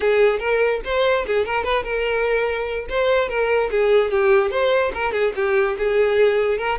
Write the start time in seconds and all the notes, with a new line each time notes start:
0.00 G#4
0.39 A#4
0.84 C5
1.26 G#4
1.45 A#4
1.63 B4
1.83 A#4
2.89 C5
3.28 A#4
3.71 G#4
4.11 G4
4.50 C5
4.94 A#4
5.12 G#4
5.35 G4
5.78 G#4
6.58 A#4